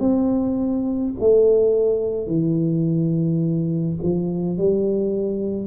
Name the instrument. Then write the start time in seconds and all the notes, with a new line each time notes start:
tuba
0.00 C4
1.20 A3
2.27 E3
4.02 F3
4.58 G3